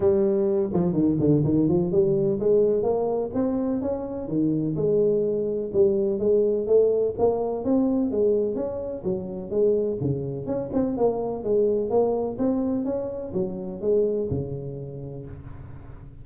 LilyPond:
\new Staff \with { instrumentName = "tuba" } { \time 4/4 \tempo 4 = 126 g4. f8 dis8 d8 dis8 f8 | g4 gis4 ais4 c'4 | cis'4 dis4 gis2 | g4 gis4 a4 ais4 |
c'4 gis4 cis'4 fis4 | gis4 cis4 cis'8 c'8 ais4 | gis4 ais4 c'4 cis'4 | fis4 gis4 cis2 | }